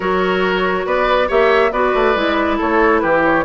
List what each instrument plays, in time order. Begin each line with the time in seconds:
0.00 bassoon F#3, clarinet F#4, oboe A#4, flute C#5
0.85 bassoon B3, oboe B4, flute D5
1.27 bassoon A#3, clarinet G4, oboe C#5, flute E5
1.71 bassoon B3, clarinet F#4, oboe B4, flute D5
1.94 bassoon A3
2.15 bassoon G#3, clarinet E4
2.57 bassoon A3, oboe A4, flute C#5
2.99 bassoon E3, oboe G4, flute B4
3.24 flute C#5